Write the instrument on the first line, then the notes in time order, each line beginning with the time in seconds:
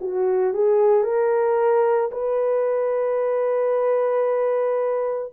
horn
0.00 F#4
0.54 G#4
1.03 A#4
2.11 B4